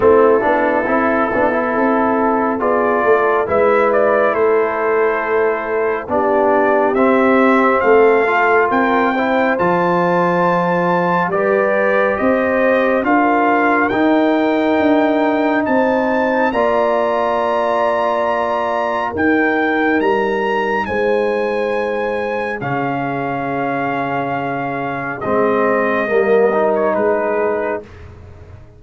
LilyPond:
<<
  \new Staff \with { instrumentName = "trumpet" } { \time 4/4 \tempo 4 = 69 a'2. d''4 | e''8 d''8 c''2 d''4 | e''4 f''4 g''4 a''4~ | a''4 d''4 dis''4 f''4 |
g''2 a''4 ais''4~ | ais''2 g''4 ais''4 | gis''2 f''2~ | f''4 dis''4.~ dis''16 cis''16 b'4 | }
  \new Staff \with { instrumentName = "horn" } { \time 4/4 e'2 a'4 gis'8 a'8 | b'4 a'2 g'4~ | g'4 a'4 ais'8 c''4.~ | c''4 b'4 c''4 ais'4~ |
ais'2 c''4 d''4~ | d''2 ais'2 | c''2 gis'2~ | gis'2 ais'4 gis'4 | }
  \new Staff \with { instrumentName = "trombone" } { \time 4/4 c'8 d'8 e'8 d'16 e'4~ e'16 f'4 | e'2. d'4 | c'4. f'4 e'8 f'4~ | f'4 g'2 f'4 |
dis'2. f'4~ | f'2 dis'2~ | dis'2 cis'2~ | cis'4 c'4 ais8 dis'4. | }
  \new Staff \with { instrumentName = "tuba" } { \time 4/4 a8 b8 c'8 b8 c'4 b8 a8 | gis4 a2 b4 | c'4 a4 c'4 f4~ | f4 g4 c'4 d'4 |
dis'4 d'4 c'4 ais4~ | ais2 dis'4 g4 | gis2 cis2~ | cis4 gis4 g4 gis4 | }
>>